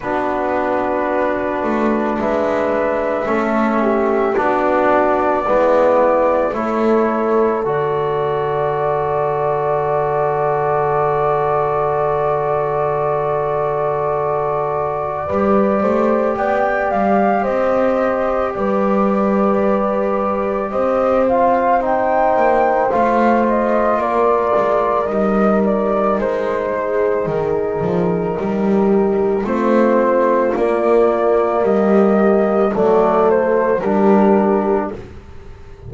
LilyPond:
<<
  \new Staff \with { instrumentName = "flute" } { \time 4/4 \tempo 4 = 55 b'2 e''2 | d''2 cis''4 d''4~ | d''1~ | d''2. g''8 f''8 |
dis''4 d''2 dis''8 f''8 | g''4 f''8 dis''8 d''4 dis''8 d''8 | c''4 ais'2 c''4 | d''4 dis''4 d''8 c''8 ais'4 | }
  \new Staff \with { instrumentName = "horn" } { \time 4/4 fis'2 b'4 a'8 g'8 | fis'4 e'4 a'2~ | a'1~ | a'2 b'8 c''8 d''4 |
c''4 b'2 c''4~ | c''2 ais'2~ | ais'8 gis'4. g'4 f'4~ | f'4 g'4 a'4 g'4 | }
  \new Staff \with { instrumentName = "trombone" } { \time 4/4 d'2. cis'4 | d'4 b4 e'4 fis'4~ | fis'1~ | fis'2 g'2~ |
g'2.~ g'8 f'8 | dis'4 f'2 dis'4~ | dis'2. c'4 | ais2 a4 d'4 | }
  \new Staff \with { instrumentName = "double bass" } { \time 4/4 b4. a8 gis4 a4 | b4 gis4 a4 d4~ | d1~ | d2 g8 a8 b8 g8 |
c'4 g2 c'4~ | c'8 ais8 a4 ais8 gis8 g4 | gis4 dis8 f8 g4 a4 | ais4 g4 fis4 g4 | }
>>